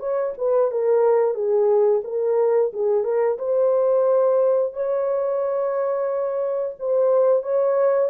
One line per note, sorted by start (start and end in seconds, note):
0.00 0.34 C#5
0.38 0.71 B4
0.71 1.35 A#4
1.35 2.02 G#4
2.04 2.72 A#4
2.73 3.04 G#4
3.04 3.38 A#4
3.39 4.73 C5
4.73 6.75 C#5
6.79 7.43 C5
7.43 8.10 C#5